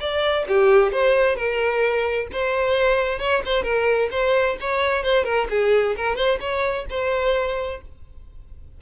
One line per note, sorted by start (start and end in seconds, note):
0.00 0.46 D5
0.49 0.92 G4
0.92 1.36 C5
1.36 2.28 A#4
2.33 3.19 C5
3.19 3.42 C#5
3.46 3.63 C5
3.63 4.09 A#4
4.12 4.57 C5
4.61 5.04 C#5
5.04 5.25 C5
5.25 5.48 A#4
5.50 5.96 G#4
5.97 6.16 A#4
6.16 6.39 C5
6.40 6.86 C#5
6.90 7.82 C5